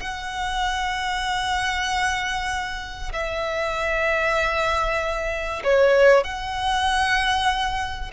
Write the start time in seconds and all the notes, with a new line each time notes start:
0.00 F#5
3.13 E5
5.64 C#5
6.24 F#5